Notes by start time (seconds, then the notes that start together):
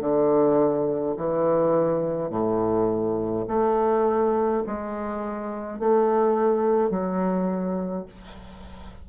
0.00 D3
1.16 E3
2.30 A2
3.48 A3
4.66 G#3
5.79 A3
6.90 F#3